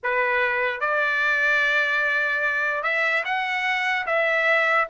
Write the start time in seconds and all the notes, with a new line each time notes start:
0.03 B4
0.80 D5
2.83 E5
3.24 F#5
4.06 E5